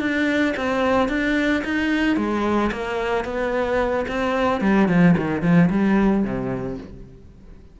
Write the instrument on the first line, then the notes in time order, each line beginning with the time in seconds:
cello
0.00 D4
0.57 C4
1.09 D4
1.64 D#4
2.17 G#3
2.72 A#3
3.25 B3
4.08 C4
4.61 G3
4.88 F3
5.17 D#3
5.42 F3
5.70 G3
6.24 C3